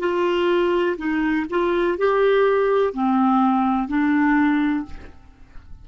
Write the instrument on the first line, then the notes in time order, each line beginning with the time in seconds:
clarinet
0.00 F4
0.98 D#4
1.50 F4
1.98 G4
2.93 C4
3.89 D4